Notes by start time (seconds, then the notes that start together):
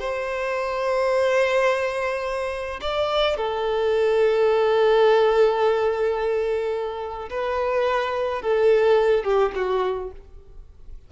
0.00 C5
2.82 D5
3.37 A4
7.30 B4
8.42 A4
9.24 G4
9.55 F#4